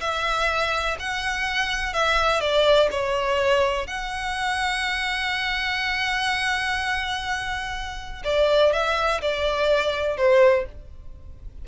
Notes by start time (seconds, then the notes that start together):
0.00 E5
0.99 F#5
1.93 E5
2.40 D5
2.91 C#5
3.87 F#5
8.24 D5
8.72 E5
9.21 D5
10.17 C5